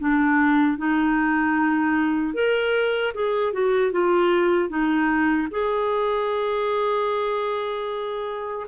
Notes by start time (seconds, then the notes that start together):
0.00 D4
0.78 D#4
2.35 A#4
3.14 G#4
3.53 F#4
3.92 F4
4.70 D#4
5.51 G#4